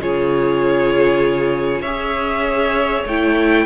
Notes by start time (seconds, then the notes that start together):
0.00 C#3 F4 G#4 C#5
1.81 C#4 G#4 C#5 E5
3.05 A3 E4 G5